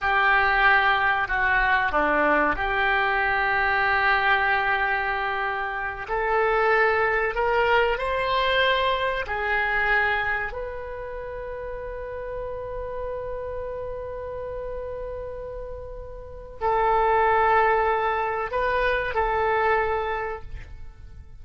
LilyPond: \new Staff \with { instrumentName = "oboe" } { \time 4/4 \tempo 4 = 94 g'2 fis'4 d'4 | g'1~ | g'4. a'2 ais'8~ | ais'8 c''2 gis'4.~ |
gis'8 b'2.~ b'8~ | b'1~ | b'2 a'2~ | a'4 b'4 a'2 | }